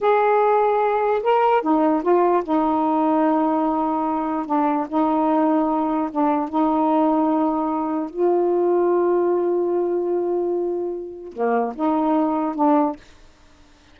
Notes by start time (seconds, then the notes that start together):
0.00 G#4
1.22 A#4
1.61 D#4
2.02 F4
2.43 D#4
4.46 D4
4.88 D#4
6.11 D4
6.49 D#4
8.10 F4
11.32 A#3
11.75 D#4
12.55 D4